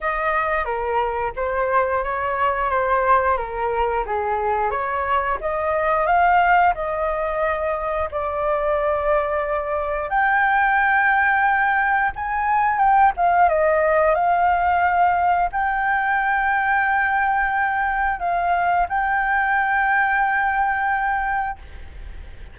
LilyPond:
\new Staff \with { instrumentName = "flute" } { \time 4/4 \tempo 4 = 89 dis''4 ais'4 c''4 cis''4 | c''4 ais'4 gis'4 cis''4 | dis''4 f''4 dis''2 | d''2. g''4~ |
g''2 gis''4 g''8 f''8 | dis''4 f''2 g''4~ | g''2. f''4 | g''1 | }